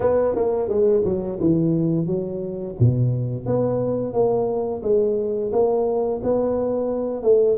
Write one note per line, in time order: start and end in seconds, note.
0.00 0.34 B3
0.35 0.68 A#3
0.68 1.03 G#3
1.04 1.39 F#3
1.40 2.06 E3
2.06 2.75 F#3
2.79 3.45 B2
3.45 4.13 B3
4.13 4.82 A#3
4.82 5.51 G#3
5.52 6.21 A#3
6.23 7.23 B3
7.23 7.57 A3